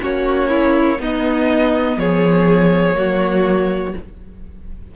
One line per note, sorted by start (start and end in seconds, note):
0.00 1.00 A#3
0.00 0.98 C#4
0.00 0.49 F#4
0.00 1.02 C#5
0.49 0.99 E4
1.00 2.93 B3
1.00 1.97 B3
1.00 1.99 D#4
1.00 1.99 D#5
1.97 2.95 F3
1.97 2.97 G#4
1.97 3.96 C#5
2.93 3.94 F#3
2.93 3.92 A#3
2.93 3.95 F#4